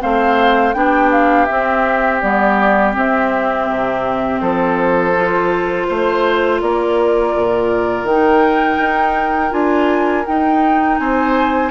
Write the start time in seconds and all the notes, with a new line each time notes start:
0.00 A3 C4 C5 F5
0.73 B3 D4 G4 G5
1.11 F5
1.45 C4 E5
2.20 G3 B3 D5
2.93 C4 E5
3.70 C3
4.40 F3 A4 C5
5.16 F4
5.88 A3 C5
6.61 A#3 A#4 D5
7.35 A#2
8.03 D#3 G5
8.10 D#4
8.78 D#4
9.50 D4 F4 G#5
10.26 D#4 G5
10.98 C4 C5 G#5